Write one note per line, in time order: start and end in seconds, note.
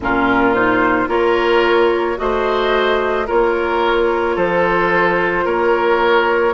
0.00 1.08 A#2
0.00 0.54 C#4
0.00 1.08 F4
0.00 0.53 A#4
0.53 1.08 D#4
0.53 1.08 C5
1.08 2.17 A#3
1.08 2.16 F4
1.08 2.17 A#4
1.08 2.17 C#5
2.16 3.28 A3
2.16 3.25 F#4
2.16 3.26 C5
2.16 3.27 D#5
3.26 4.36 A#3
3.26 6.53 F4
3.26 4.35 A#4
3.26 4.37 C#5
4.35 5.45 F3
4.35 5.44 A4
4.35 5.46 C5
5.45 6.53 A#3
5.45 6.53 A#4
5.45 6.53 C#5